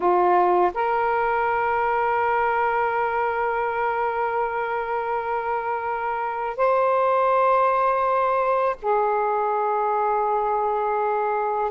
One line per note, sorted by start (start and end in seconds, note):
0.00 0.72 F4
0.74 6.56 A#4
6.56 8.76 C5
8.81 11.71 G#4